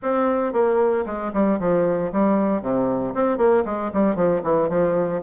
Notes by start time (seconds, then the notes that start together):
0.02 C4
0.52 A#3
1.06 G#3
1.33 G3
1.59 F3
2.12 G3
2.61 C3
3.14 C4
3.37 A#3
3.65 G#3
3.93 G3
4.15 F3
4.43 E3
4.69 F3